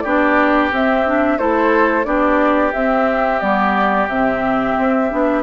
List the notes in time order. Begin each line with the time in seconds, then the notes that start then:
0.00 B3 D4 G4 D5
0.72 C4 E5
1.07 D4
1.38 A3 E4 A4 C5
2.04 B3 D4 G4 D5
2.73 C4 E5
3.40 G3 B3 D5
4.08 C3 C4 E5
4.78 C4
5.11 B3 D4